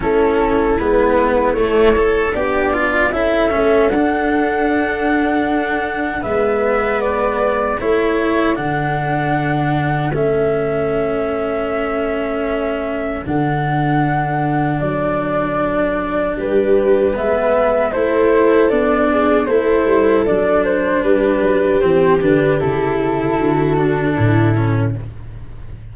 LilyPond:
<<
  \new Staff \with { instrumentName = "flute" } { \time 4/4 \tempo 4 = 77 a'4 b'4 cis''4 d''4 | e''4 fis''2. | e''4 d''4 cis''4 fis''4~ | fis''4 e''2.~ |
e''4 fis''2 d''4~ | d''4 b'4 e''4 c''4 | d''4 c''4 d''8 c''8 b'4 | c''8 b'8 a'2. | }
  \new Staff \with { instrumentName = "viola" } { \time 4/4 e'2. d'4 | a'1 | b'2 a'2~ | a'1~ |
a'1~ | a'4 g'4 b'4 a'4~ | a'8 gis'8 a'2 g'4~ | g'2 fis'4 e'4 | }
  \new Staff \with { instrumentName = "cello" } { \time 4/4 cis'4 b4 a8 a'8 g'8 f'8 | e'8 cis'8 d'2. | b2 e'4 d'4~ | d'4 cis'2.~ |
cis'4 d'2.~ | d'2 b4 e'4 | d'4 e'4 d'2 | c'8 d'8 e'4. d'4 cis'8 | }
  \new Staff \with { instrumentName = "tuba" } { \time 4/4 a4 gis4 a4 b4 | cis'8 a8 d'2. | gis2 a4 d4~ | d4 a2.~ |
a4 d2 fis4~ | fis4 g4 gis4 a4 | b4 a8 g8 fis4 g8 fis8 | e8 d8 cis4 d4 a,4 | }
>>